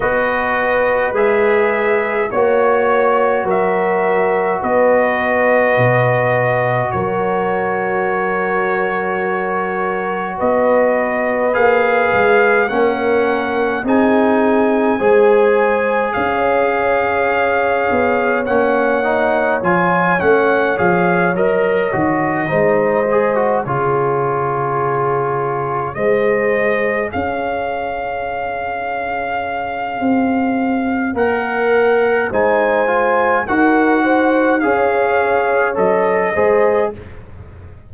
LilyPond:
<<
  \new Staff \with { instrumentName = "trumpet" } { \time 4/4 \tempo 4 = 52 dis''4 e''4 cis''4 e''4 | dis''2 cis''2~ | cis''4 dis''4 f''4 fis''4 | gis''2 f''2 |
fis''4 gis''8 fis''8 f''8 dis''4.~ | dis''8 cis''2 dis''4 f''8~ | f''2. fis''4 | gis''4 fis''4 f''4 dis''4 | }
  \new Staff \with { instrumentName = "horn" } { \time 4/4 b'2 cis''4 ais'4 | b'2 ais'2~ | ais'4 b'2 ais'4 | gis'4 c''4 cis''2~ |
cis''2.~ cis''8 c''8~ | c''8 gis'2 c''4 cis''8~ | cis''1 | c''4 ais'8 c''8 cis''4. c''8 | }
  \new Staff \with { instrumentName = "trombone" } { \time 4/4 fis'4 gis'4 fis'2~ | fis'1~ | fis'2 gis'4 cis'4 | dis'4 gis'2. |
cis'8 dis'8 f'8 cis'8 gis'8 ais'8 fis'8 dis'8 | gis'16 fis'16 f'2 gis'4.~ | gis'2. ais'4 | dis'8 f'8 fis'4 gis'4 a'8 gis'8 | }
  \new Staff \with { instrumentName = "tuba" } { \time 4/4 b4 gis4 ais4 fis4 | b4 b,4 fis2~ | fis4 b4 ais8 gis8 ais4 | c'4 gis4 cis'4. b8 |
ais4 f8 a8 f8 fis8 dis8 gis8~ | gis8 cis2 gis4 cis'8~ | cis'2 c'4 ais4 | gis4 dis'4 cis'4 fis8 gis8 | }
>>